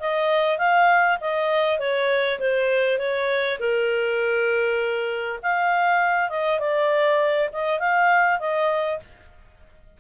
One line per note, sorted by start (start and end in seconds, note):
0.00 0.59 D#5
0.59 1.19 F5
1.21 1.79 D#5
1.79 2.39 C#5
2.40 2.99 C5
2.99 3.59 C#5
3.60 5.40 A#4
5.43 6.30 F5
6.30 6.60 D#5
6.60 7.50 D5
7.53 7.80 D#5
7.80 8.40 F5
8.40 9.00 D#5